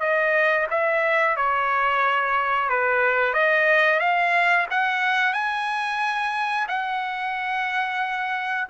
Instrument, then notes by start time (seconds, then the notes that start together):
trumpet
0.00 D#5
0.71 E5
1.37 C#5
2.69 B4
3.34 D#5
4.00 F5
4.71 F#5
5.33 G#5
6.68 F#5